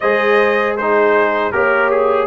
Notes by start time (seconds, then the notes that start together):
0.00 G#3 G#4 C5 D#5
0.76 D#4 G#4 C5
1.51 A#3 G4 A#4 C#5
1.90 G#4